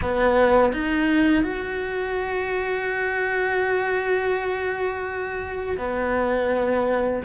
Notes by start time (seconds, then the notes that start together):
0.01 B3
0.72 D#4
1.43 F#4
5.77 B3